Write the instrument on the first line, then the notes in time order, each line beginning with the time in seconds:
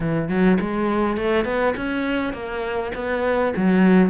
cello
0.00 E3
0.28 F#3
0.60 G#3
1.17 A3
1.44 B3
1.76 C#4
2.33 A#3
2.94 B3
3.56 F#3